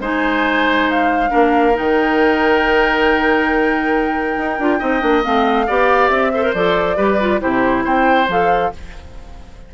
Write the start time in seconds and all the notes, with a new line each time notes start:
0.00 G#3 D#4 C5 G#5
0.90 F5
1.30 A#3 D4 A#4
1.74 D#3 D#4 G5
4.37 D#4
4.59 D4 F4
4.80 C4 D#4 D#5
5.01 A#3 D4
5.23 A3 C4 F5
5.67 B3 G4 D5
6.09 C4 E5
6.34 A4 C5
6.43 A#4
6.54 F3 A4 D5
6.97 G3 G4 B4
7.21 F4
7.40 C3 E4 G4 C5
7.84 C4 C5 G5
8.28 F3 A4 F5